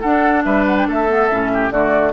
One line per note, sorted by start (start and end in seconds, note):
0.00 0.45 D4
0.00 1.08 D4
0.00 0.43 A4
0.00 0.42 F#5
0.44 0.87 G3
0.44 0.87 B4
0.44 0.65 E5
0.66 0.76 F#5
0.77 0.87 G5
0.87 1.30 A3
0.87 1.51 A4
0.87 1.71 E5
1.08 1.29 B3
1.30 1.70 A2
1.30 1.71 C#4
1.53 1.72 G4
1.70 2.12 D3
1.70 2.12 A3
1.70 2.12 F#4
1.70 2.12 D5